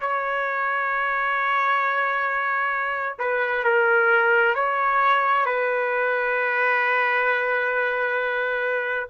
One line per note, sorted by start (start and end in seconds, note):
0.00 3.18 C#5
3.18 3.64 B4
3.64 4.55 A#4
4.55 5.45 C#5
5.45 9.09 B4